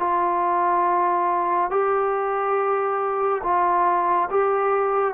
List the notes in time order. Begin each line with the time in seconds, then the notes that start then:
0.00 F4
1.71 G4
3.44 F4
4.31 G4